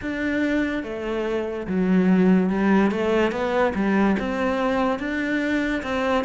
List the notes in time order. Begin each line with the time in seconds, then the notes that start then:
0.01 D4
0.83 A3
1.67 F#3
2.49 G3
2.91 A3
3.31 B3
3.75 G3
4.19 C4
4.98 D4
5.82 C4